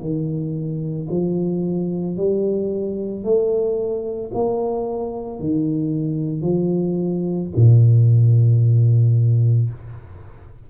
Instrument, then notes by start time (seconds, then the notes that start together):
tuba
0.00 D#3
1.10 F3
2.17 G3
3.24 A3
4.34 A#3
5.40 D#3
6.41 F3
7.55 A#2